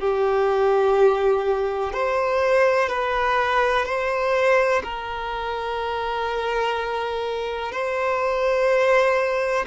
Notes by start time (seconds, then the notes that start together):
0.00 G4
1.93 C5
2.89 B4
3.85 C5
4.83 A#4
7.72 C5